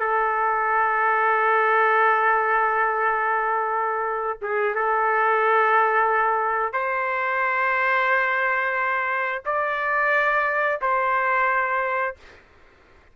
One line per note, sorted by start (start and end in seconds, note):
0.00 4.38 A4
4.42 4.75 G#4
4.75 6.74 A4
6.74 9.43 C5
9.46 10.80 D5
10.82 12.17 C5